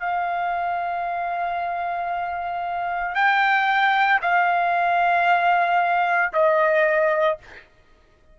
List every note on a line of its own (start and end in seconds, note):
0.00 3.15 F5
3.15 4.21 G5
4.22 6.33 F5
6.33 7.39 D#5